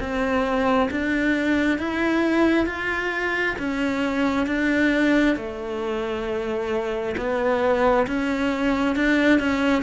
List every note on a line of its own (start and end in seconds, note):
0.00 0.90 C4
0.91 1.79 D4
1.79 2.66 E4
2.66 3.56 F4
3.59 4.47 C#4
4.47 5.36 D4
5.36 7.16 A3
7.17 8.06 B3
8.07 8.96 C#4
8.96 9.39 D4
9.39 9.83 C#4